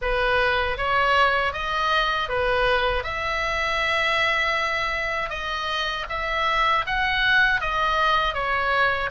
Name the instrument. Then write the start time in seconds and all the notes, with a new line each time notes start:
oboe
0.01 B4
0.77 C#5
1.53 D#5
2.29 B4
3.03 E5
5.29 D#5
6.09 E5
6.86 F#5
7.60 D#5
8.34 C#5